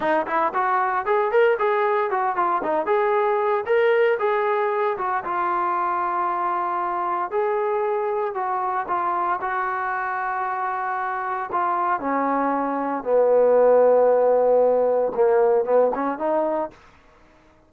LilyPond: \new Staff \with { instrumentName = "trombone" } { \time 4/4 \tempo 4 = 115 dis'8 e'8 fis'4 gis'8 ais'8 gis'4 | fis'8 f'8 dis'8 gis'4. ais'4 | gis'4. fis'8 f'2~ | f'2 gis'2 |
fis'4 f'4 fis'2~ | fis'2 f'4 cis'4~ | cis'4 b2.~ | b4 ais4 b8 cis'8 dis'4 | }